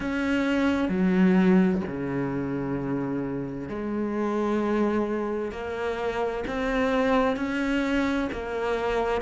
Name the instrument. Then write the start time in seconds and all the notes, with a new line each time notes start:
cello
0.00 C#4
0.89 F#3
1.87 C#3
3.68 G#3
5.51 A#3
6.47 C4
7.36 C#4
8.32 A#3